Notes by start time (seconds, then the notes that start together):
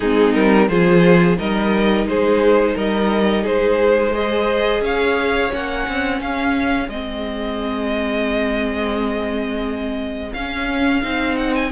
0.00 G#3 C4 D#4 G#4
0.33 G3 A#4
0.68 F3 F4 G#4 C5
1.37 G3 D#4 A#4 D#5
2.06 G#3 G#4 C5
2.75 G3 A#4 D#5
3.43 G#3 G#4 C5
4.11 G#4 C5 D#5
4.80 C#4 C#5 F5
5.51 A#3 C#4 F#5
5.87 C4
6.20 C#4 G#4 F5
6.88 G#3 C4 D#5
10.33 C#4 F5
11.02 C4 D#4
11.36 F#5
11.55 G#5